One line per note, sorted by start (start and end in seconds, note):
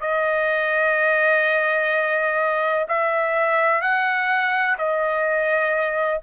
0.00 2.86 D#5
2.88 3.81 E5
3.81 4.76 F#5
4.78 6.21 D#5